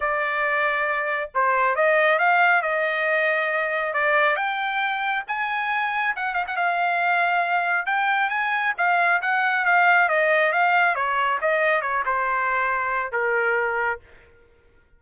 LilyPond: \new Staff \with { instrumentName = "trumpet" } { \time 4/4 \tempo 4 = 137 d''2. c''4 | dis''4 f''4 dis''2~ | dis''4 d''4 g''2 | gis''2 fis''8 f''16 fis''16 f''4~ |
f''2 g''4 gis''4 | f''4 fis''4 f''4 dis''4 | f''4 cis''4 dis''4 cis''8 c''8~ | c''2 ais'2 | }